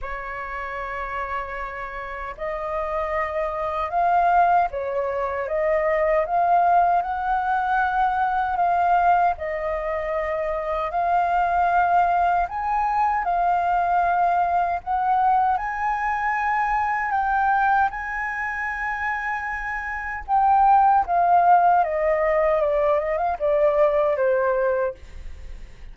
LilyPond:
\new Staff \with { instrumentName = "flute" } { \time 4/4 \tempo 4 = 77 cis''2. dis''4~ | dis''4 f''4 cis''4 dis''4 | f''4 fis''2 f''4 | dis''2 f''2 |
gis''4 f''2 fis''4 | gis''2 g''4 gis''4~ | gis''2 g''4 f''4 | dis''4 d''8 dis''16 f''16 d''4 c''4 | }